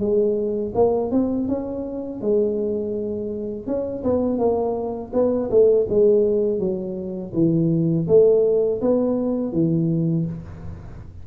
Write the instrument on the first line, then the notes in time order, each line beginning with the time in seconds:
tuba
0.00 G#3
0.75 A#3
1.11 C4
1.48 C#4
2.22 G#3
3.67 C#4
4.04 B3
4.39 A#3
5.14 B3
5.50 A3
5.89 G#3
6.59 F#3
7.34 E3
8.08 A3
8.81 B3
9.53 E3